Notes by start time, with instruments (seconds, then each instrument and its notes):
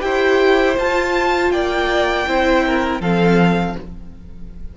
0.00 cello E4, viola G4, violin C5 G5
0.78 viola F4, cello F4, violin A5
1.51 cello A#3, violin D5 G5
2.27 cello C4, viola E4, violin C5
2.66 violin A#4
3.00 cello F3, viola C4, violin A4 F5